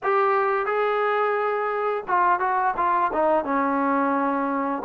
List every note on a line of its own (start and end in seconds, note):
0.03 0.66 G4
0.66 2.03 G#4
2.08 2.39 F4
2.39 2.74 F#4
2.76 3.11 F4
3.13 3.44 D#4
3.44 4.82 C#4